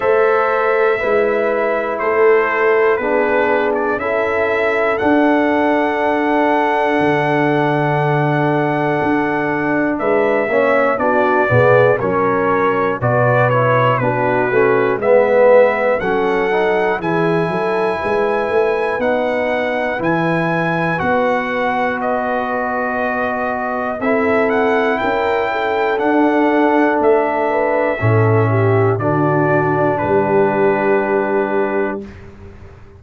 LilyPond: <<
  \new Staff \with { instrumentName = "trumpet" } { \time 4/4 \tempo 4 = 60 e''2 c''4 b'8. d''16 | e''4 fis''2.~ | fis''2 e''4 d''4 | cis''4 d''8 cis''8 b'4 e''4 |
fis''4 gis''2 fis''4 | gis''4 fis''4 dis''2 | e''8 fis''8 g''4 fis''4 e''4~ | e''4 d''4 b'2 | }
  \new Staff \with { instrumentName = "horn" } { \time 4/4 c''4 b'4 a'4 gis'4 | a'1~ | a'2 b'8 cis''8 fis'8 gis'8 | ais'4 b'4 fis'4 b'4 |
a'4 gis'8 a'8 b'2~ | b'1 | a'4 ais'8 a'2 b'8 | a'8 g'8 fis'4 g'2 | }
  \new Staff \with { instrumentName = "trombone" } { \time 4/4 a'4 e'2 d'4 | e'4 d'2.~ | d'2~ d'8 cis'8 d'8 b8 | cis'4 fis'8 e'8 d'8 cis'8 b4 |
cis'8 dis'8 e'2 dis'4 | e'4 fis'2. | e'2 d'2 | cis'4 d'2. | }
  \new Staff \with { instrumentName = "tuba" } { \time 4/4 a4 gis4 a4 b4 | cis'4 d'2 d4~ | d4 d'4 gis8 ais8 b8 b,8 | fis4 b,4 b8 a8 gis4 |
fis4 e8 fis8 gis8 a8 b4 | e4 b2. | c'4 cis'4 d'4 a4 | a,4 d4 g2 | }
>>